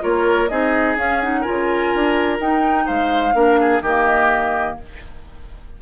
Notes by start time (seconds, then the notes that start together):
0.00 A#3 F4 A#4 C#5
0.48 C4 D#4 G#4 D#5
0.96 C#4 F5
1.21 D#4 F#5
1.40 F4 A#4 G#5
1.47 C#3
1.94 D4
2.39 D#4 G5
2.86 G#3 C5 F5
3.33 A#3 D4 A#4
3.59 G#4
3.81 D#3 A#3 G4 D#5